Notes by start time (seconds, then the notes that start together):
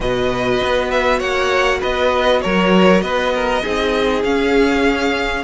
0.00 B2 F#4 B4 D#5
0.63 B3
0.91 E5
1.18 A#3 C#5 F#5
1.80 B3 B4 D#5
2.41 F#3 A#4 C#5
3.01 B3 B4 D#5
3.33 A#4
3.62 C4 D#4 G#4
4.23 C#4 F5